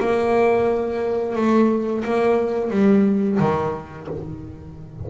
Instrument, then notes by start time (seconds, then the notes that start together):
double bass
0.00 A#3
1.35 A3
2.04 A#3
2.71 G3
3.39 D#3